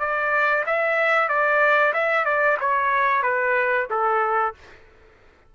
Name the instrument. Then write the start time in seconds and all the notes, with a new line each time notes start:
trumpet
0.00 D5
0.67 E5
1.29 D5
1.94 E5
2.26 D5
2.61 C#5
3.23 B4
3.90 A4